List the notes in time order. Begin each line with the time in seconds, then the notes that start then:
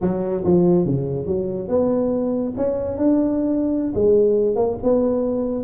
0.01 F#3
0.44 F3
0.85 C#3
1.26 F#3
1.68 B3
2.56 C#4
2.97 D4
3.94 G#3
4.55 A#3
4.83 B3